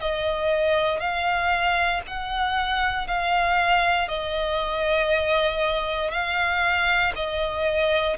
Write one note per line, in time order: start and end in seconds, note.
0.00 0.99 D#5
0.99 2.01 F5
2.07 3.07 F#5
3.07 4.08 F5
4.08 6.11 D#5
6.11 7.12 F5
7.15 8.17 D#5